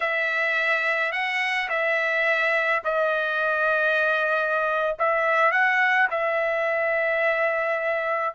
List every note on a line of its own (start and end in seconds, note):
0.00 1.12 E5
1.12 1.68 F#5
1.69 2.82 E5
2.84 4.96 D#5
4.98 5.51 E5
5.51 6.08 F#5
6.10 8.34 E5